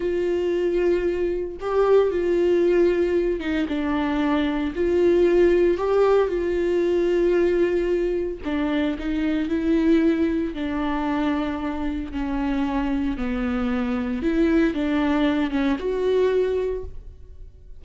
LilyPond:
\new Staff \with { instrumentName = "viola" } { \time 4/4 \tempo 4 = 114 f'2. g'4 | f'2~ f'8 dis'8 d'4~ | d'4 f'2 g'4 | f'1 |
d'4 dis'4 e'2 | d'2. cis'4~ | cis'4 b2 e'4 | d'4. cis'8 fis'2 | }